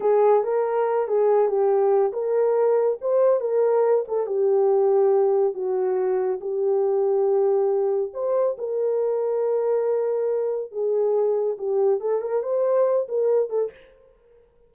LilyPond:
\new Staff \with { instrumentName = "horn" } { \time 4/4 \tempo 4 = 140 gis'4 ais'4. gis'4 g'8~ | g'4 ais'2 c''4 | ais'4. a'8 g'2~ | g'4 fis'2 g'4~ |
g'2. c''4 | ais'1~ | ais'4 gis'2 g'4 | a'8 ais'8 c''4. ais'4 a'8 | }